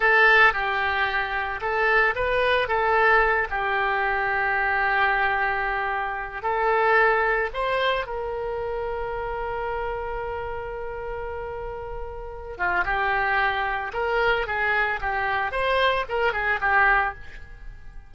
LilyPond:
\new Staff \with { instrumentName = "oboe" } { \time 4/4 \tempo 4 = 112 a'4 g'2 a'4 | b'4 a'4. g'4.~ | g'1 | a'2 c''4 ais'4~ |
ais'1~ | ais'2.~ ais'8 f'8 | g'2 ais'4 gis'4 | g'4 c''4 ais'8 gis'8 g'4 | }